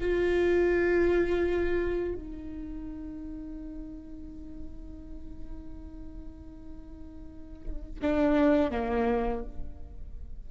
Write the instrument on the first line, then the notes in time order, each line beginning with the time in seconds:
viola
0.00 F4
2.15 D#4
8.01 D4
8.70 A#3